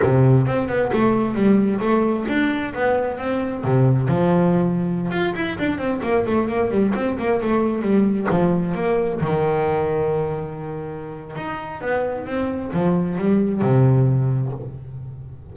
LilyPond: \new Staff \with { instrumentName = "double bass" } { \time 4/4 \tempo 4 = 132 c4 c'8 b8 a4 g4 | a4 d'4 b4 c'4 | c4 f2~ f16 f'8 e'16~ | e'16 d'8 c'8 ais8 a8 ais8 g8 c'8 ais16~ |
ais16 a4 g4 f4 ais8.~ | ais16 dis2.~ dis8.~ | dis4 dis'4 b4 c'4 | f4 g4 c2 | }